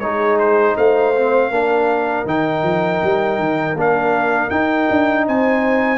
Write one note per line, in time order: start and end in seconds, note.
0.00 0.75 G#3
0.00 1.15 D#4
0.00 0.76 G#4
0.00 0.38 C#5
0.39 0.77 C5
0.76 1.50 A3
0.76 1.51 C5
0.76 2.27 F5
1.15 1.52 C4
1.50 2.25 A#3
1.50 2.27 D4
1.50 5.27 A#4
2.26 2.63 D#3
2.26 3.77 D#4
2.26 3.78 G5
2.63 3.01 F3
3.03 3.39 G3
3.39 3.74 D#3
3.74 4.49 A#3
3.74 4.51 D4
3.80 4.50 F5
4.50 4.88 D#4
4.50 5.98 D#4
4.50 5.25 G5
4.90 5.28 D4
5.27 5.98 C4
5.27 5.98 C5
5.27 5.98 G#5